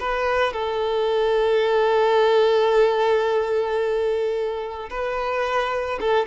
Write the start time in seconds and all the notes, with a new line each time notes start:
0.00 B4
0.54 A4
4.90 B4
6.01 A4